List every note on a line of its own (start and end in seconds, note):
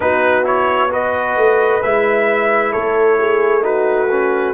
0.00 1.35 B3
0.00 0.44 D#4
0.00 0.91 F#4
0.00 0.45 B4
0.44 0.89 E4
0.44 0.91 C#5
0.90 1.81 F#4
0.90 2.72 B4
0.90 1.82 D#5
1.35 1.81 A3
1.82 2.74 G#3
1.82 3.61 E4
1.82 2.72 E5
2.72 4.53 A3
2.72 3.17 A4
2.72 3.63 C#5
3.19 3.63 G#4
3.61 4.07 D#4
3.61 4.53 F#4
3.61 4.53 B4
4.10 4.53 C#4